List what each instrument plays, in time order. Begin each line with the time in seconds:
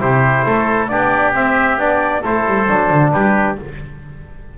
0.00 double bass C3, trombone E4, oboe G4, trumpet C5
0.46 double bass A3, oboe A4
0.88 double bass B3, trombone D4, oboe G4, trumpet D5
1.34 trombone C4, double bass C4, trumpet E5
1.78 double bass B3, trombone D4, trumpet D5
2.22 double bass A3, trombone E4, oboe A4, trumpet C5
2.47 double bass G3
2.68 double bass F#3, trombone D4
2.90 double bass D3
3.12 double bass G3, oboe G4, trumpet B4